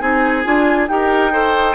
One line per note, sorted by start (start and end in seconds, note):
0.00 0.45 C4
0.00 0.44 D#4
0.00 0.89 G#4
0.00 0.88 G#5
0.44 0.89 D4
0.44 0.88 F4
0.88 1.76 D#4
0.88 1.32 G4
0.88 1.33 A#4
0.88 1.76 G5
1.32 1.76 A4
1.32 1.76 C5